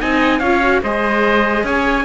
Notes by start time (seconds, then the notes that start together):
0.00 C4 D#4 D#5 G#5
0.39 C#4 F4 C#5 F5
0.62 F#4
0.83 G#3 G#4 C5 D#5
1.64 C#4 C#5 G#5